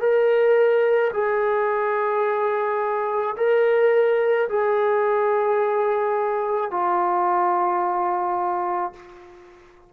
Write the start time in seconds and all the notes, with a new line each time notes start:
0.00 A#4
1.13 G#4
3.37 A#4
4.49 G#4
6.71 F4